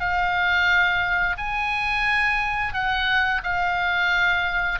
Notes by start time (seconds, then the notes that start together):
0.00 F5
1.38 G#5
2.74 F#5
3.44 F5